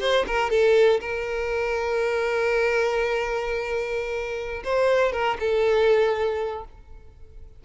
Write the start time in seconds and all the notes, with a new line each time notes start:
0.00 C5
0.27 A#4
0.50 A4
1.00 A#4
4.64 C5
5.12 A#4
5.39 A4